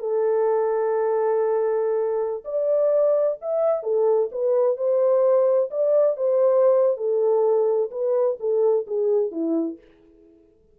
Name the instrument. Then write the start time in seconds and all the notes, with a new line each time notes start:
horn
0.00 A4
2.45 D5
3.42 E5
3.84 A4
4.32 B4
4.77 C5
5.71 D5
6.17 C5
6.97 A4
7.91 B4
8.40 A4
8.88 G#4
9.32 E4